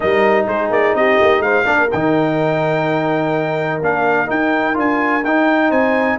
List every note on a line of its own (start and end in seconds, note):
0.00 0.47 G3
0.00 1.64 D#4
0.00 0.46 A#4
0.00 0.46 D#5
0.47 0.70 G#3
0.47 0.97 G#4
0.47 0.71 C5
0.70 0.93 A#3
0.70 0.95 D5
0.95 1.18 C4
0.95 1.44 G4
0.95 1.42 D#5
1.20 1.39 A#3
1.39 1.62 G#3
1.39 1.65 C5
1.39 1.89 F5
1.64 1.90 A#3
1.64 1.88 D4
1.64 5.69 A#4
1.91 3.81 D#3
1.91 3.82 D#4
1.91 3.82 G5
3.81 4.29 A#3
3.81 4.26 D4
3.81 4.30 F5
4.26 4.74 D#4
4.26 4.77 D#4
4.26 4.77 G5
4.74 5.24 D4
4.74 5.21 F4
4.74 5.24 G#5
5.24 5.71 D#4
5.24 6.19 D#4
5.24 5.71 G5
5.69 6.18 C4
5.69 6.16 C5
5.69 6.19 G#5